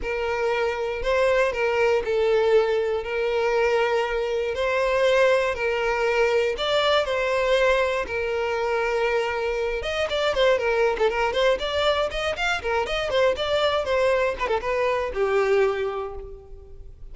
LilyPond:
\new Staff \with { instrumentName = "violin" } { \time 4/4 \tempo 4 = 119 ais'2 c''4 ais'4 | a'2 ais'2~ | ais'4 c''2 ais'4~ | ais'4 d''4 c''2 |
ais'2.~ ais'8 dis''8 | d''8 c''8 ais'8. a'16 ais'8 c''8 d''4 | dis''8 f''8 ais'8 dis''8 c''8 d''4 c''8~ | c''8 b'16 a'16 b'4 g'2 | }